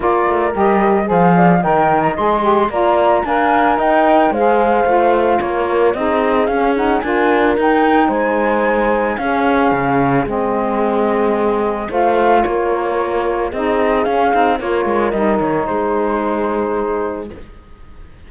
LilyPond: <<
  \new Staff \with { instrumentName = "flute" } { \time 4/4 \tempo 4 = 111 d''4 dis''4 f''4 g''8. ais''16 | c'''4 ais''4 gis''4 g''4 | f''2 cis''4 dis''4 | f''8 fis''8 gis''4 g''4 gis''4~ |
gis''4 f''2 dis''4~ | dis''2 f''4 cis''4~ | cis''4 dis''4 f''4 cis''4 | dis''8 cis''8 c''2. | }
  \new Staff \with { instrumentName = "horn" } { \time 4/4 ais'2 c''8 d''8 dis''4~ | dis''4 d''4 f''4 dis''4 | c''2 ais'4 gis'4~ | gis'4 ais'2 c''4~ |
c''4 gis'2.~ | gis'2 c''4 ais'4~ | ais'4 gis'2 ais'4~ | ais'4 gis'2. | }
  \new Staff \with { instrumentName = "saxophone" } { \time 4/4 f'4 g'4 gis'4 ais'4 | gis'8 g'8 f'4 ais'2 | gis'4 f'2 dis'4 | cis'8 dis'8 f'4 dis'2~ |
dis'4 cis'2 c'4~ | c'2 f'2~ | f'4 dis'4 cis'8 dis'8 f'4 | dis'1 | }
  \new Staff \with { instrumentName = "cello" } { \time 4/4 ais8 a8 g4 f4 dis4 | gis4 ais4 d'4 dis'4 | gis4 a4 ais4 c'4 | cis'4 d'4 dis'4 gis4~ |
gis4 cis'4 cis4 gis4~ | gis2 a4 ais4~ | ais4 c'4 cis'8 c'8 ais8 gis8 | g8 dis8 gis2. | }
>>